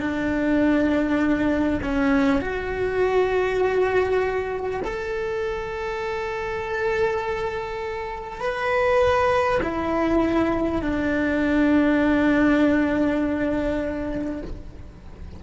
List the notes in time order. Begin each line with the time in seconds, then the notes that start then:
0.00 D4
1.82 C#4
2.41 F#4
4.84 A4
8.40 B4
9.62 E4
10.82 D4